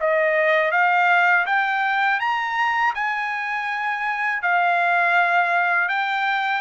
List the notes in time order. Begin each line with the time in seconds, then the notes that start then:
0.00 D#5
0.71 F5
1.46 G5
2.20 A#5
2.94 G#5
4.42 F5
5.88 G5